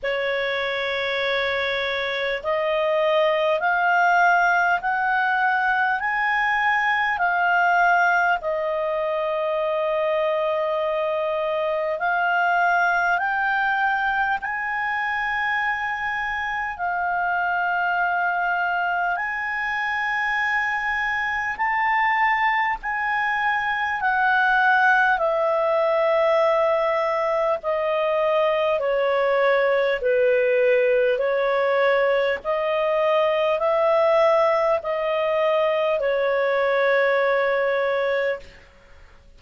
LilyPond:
\new Staff \with { instrumentName = "clarinet" } { \time 4/4 \tempo 4 = 50 cis''2 dis''4 f''4 | fis''4 gis''4 f''4 dis''4~ | dis''2 f''4 g''4 | gis''2 f''2 |
gis''2 a''4 gis''4 | fis''4 e''2 dis''4 | cis''4 b'4 cis''4 dis''4 | e''4 dis''4 cis''2 | }